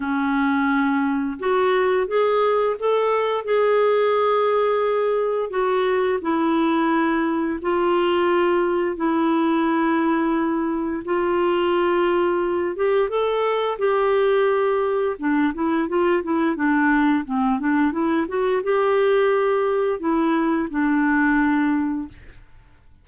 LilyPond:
\new Staff \with { instrumentName = "clarinet" } { \time 4/4 \tempo 4 = 87 cis'2 fis'4 gis'4 | a'4 gis'2. | fis'4 e'2 f'4~ | f'4 e'2. |
f'2~ f'8 g'8 a'4 | g'2 d'8 e'8 f'8 e'8 | d'4 c'8 d'8 e'8 fis'8 g'4~ | g'4 e'4 d'2 | }